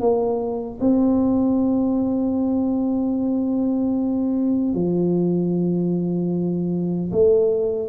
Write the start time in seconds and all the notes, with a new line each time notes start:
0.00 A#3
0.80 C4
4.74 F3
7.12 A3